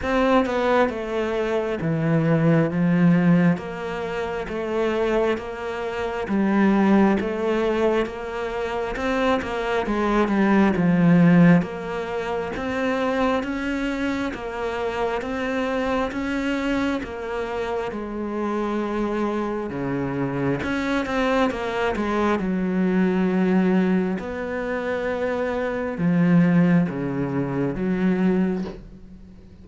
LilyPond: \new Staff \with { instrumentName = "cello" } { \time 4/4 \tempo 4 = 67 c'8 b8 a4 e4 f4 | ais4 a4 ais4 g4 | a4 ais4 c'8 ais8 gis8 g8 | f4 ais4 c'4 cis'4 |
ais4 c'4 cis'4 ais4 | gis2 cis4 cis'8 c'8 | ais8 gis8 fis2 b4~ | b4 f4 cis4 fis4 | }